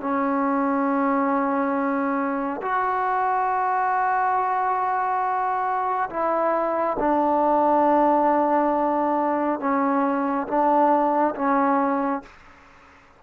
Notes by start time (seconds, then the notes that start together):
0.00 C#4
2.61 F#4
6.09 E4
6.99 D4
9.60 C#4
10.47 D4
11.35 C#4